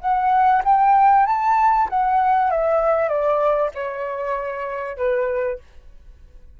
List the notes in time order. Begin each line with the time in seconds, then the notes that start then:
0.00 F#5
0.64 G5
1.26 A5
1.89 F#5
2.50 E5
3.08 D5
3.75 C#5
4.97 B4